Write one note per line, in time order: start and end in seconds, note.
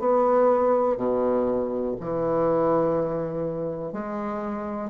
0.00 0.97 B3
0.97 1.96 B2
2.01 3.93 E3
3.93 4.90 G#3